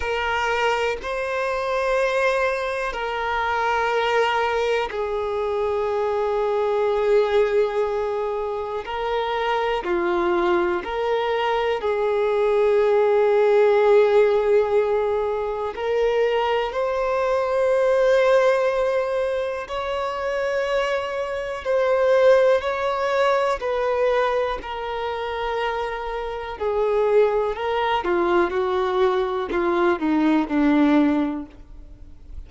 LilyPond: \new Staff \with { instrumentName = "violin" } { \time 4/4 \tempo 4 = 61 ais'4 c''2 ais'4~ | ais'4 gis'2.~ | gis'4 ais'4 f'4 ais'4 | gis'1 |
ais'4 c''2. | cis''2 c''4 cis''4 | b'4 ais'2 gis'4 | ais'8 f'8 fis'4 f'8 dis'8 d'4 | }